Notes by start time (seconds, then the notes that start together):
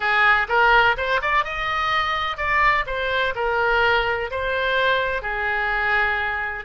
0.00 G#4
0.48 A#4
0.97 C5
1.21 D5
1.44 D#5
2.37 D5
2.86 C5
3.35 A#4
4.30 C5
5.21 G#4